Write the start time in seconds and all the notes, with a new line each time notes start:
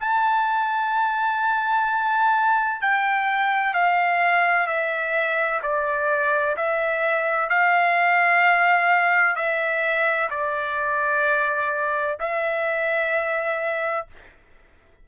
0.00 A5
2.81 G5
3.73 F5
4.67 E5
5.62 D5
6.56 E5
7.49 F5
9.35 E5
10.30 D5
12.19 E5